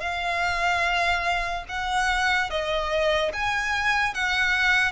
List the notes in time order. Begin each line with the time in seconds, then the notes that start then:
0.00 F5
1.68 F#5
2.50 D#5
3.33 G#5
4.14 F#5